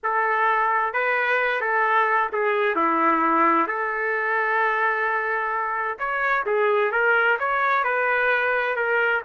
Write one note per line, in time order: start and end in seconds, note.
0.03 0.93 A4
0.93 1.60 B4
1.60 2.30 A4
2.32 2.75 G#4
2.75 3.67 E4
3.67 5.97 A4
5.98 6.44 C#5
6.46 6.91 G#4
6.91 7.37 A#4
7.39 7.84 C#5
7.84 8.75 B4
8.75 9.22 A#4